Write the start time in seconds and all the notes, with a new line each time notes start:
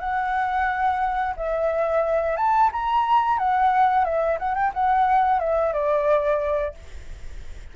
0.00 F#5
1.37 E5
2.37 A5
2.72 A#5
3.38 F#5
4.05 E5
4.39 F#5
4.55 G5
4.74 F#5
5.40 E5
5.73 D5